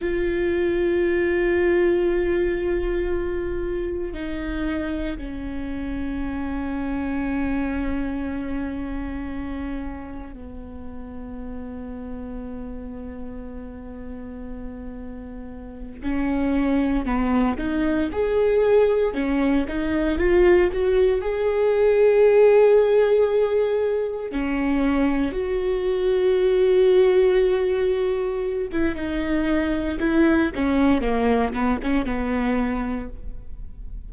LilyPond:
\new Staff \with { instrumentName = "viola" } { \time 4/4 \tempo 4 = 58 f'1 | dis'4 cis'2.~ | cis'2 b2~ | b2.~ b8 cis'8~ |
cis'8 b8 dis'8 gis'4 cis'8 dis'8 f'8 | fis'8 gis'2. cis'8~ | cis'8 fis'2.~ fis'16 e'16 | dis'4 e'8 cis'8 ais8 b16 cis'16 b4 | }